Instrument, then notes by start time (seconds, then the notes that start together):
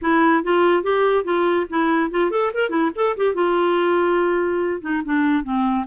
clarinet
0.01 E4
0.43 F4
0.83 G4
1.24 F4
1.69 E4
2.10 F4
2.31 A4
2.53 A#4
2.69 E4
2.95 A4
3.16 G4
3.34 F4
4.81 D#4
5.05 D4
5.43 C4